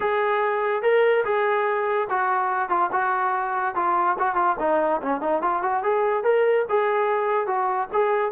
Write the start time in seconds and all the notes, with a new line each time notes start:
0.00 G#4
0.82 A#4
1.24 G#4
2.09 F#4
2.69 F4
2.92 F#4
3.75 F4
4.19 F#4
4.35 F4
4.59 D#4
5.02 C#4
5.21 D#4
5.42 F4
5.62 F#4
5.83 G#4
6.23 A#4
6.69 G#4
7.46 F#4
7.92 G#4